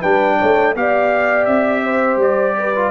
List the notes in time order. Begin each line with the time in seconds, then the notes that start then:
0.00 G3 D4 B4 G5
0.38 A3 C#5
0.75 B3 G4 D5 F5
1.45 C4 E5
1.84 C5
2.17 G3 D5
2.58 B4
2.76 F4